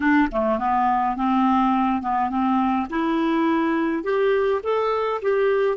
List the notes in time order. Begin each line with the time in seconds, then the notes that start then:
0.00 D4
0.31 A3
0.58 B3
1.16 C4
2.01 B3
2.30 C4
2.90 E4
4.03 G4
4.63 A4
5.22 G4